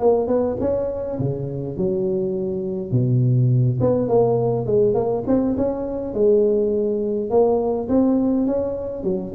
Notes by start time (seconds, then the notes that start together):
0.00 A#3
0.28 B3
0.60 C#4
1.19 C#3
1.77 F#3
2.92 B2
3.81 B3
4.09 A#3
4.66 G#3
4.94 A#3
5.27 C4
5.57 C#4
6.14 G#3
7.30 A#3
7.89 C4
8.47 C#4
9.04 F#3